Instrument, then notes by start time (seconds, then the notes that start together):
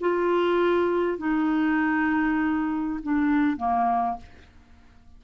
clarinet
0.00 F4
1.18 D#4
3.02 D4
3.56 A#3